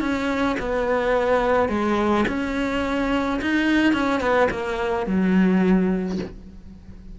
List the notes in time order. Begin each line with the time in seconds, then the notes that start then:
0.00 C#4
0.60 B3
1.69 G#3
2.28 C#4
3.42 D#4
3.93 C#4
4.20 B3
4.51 A#3
5.06 F#3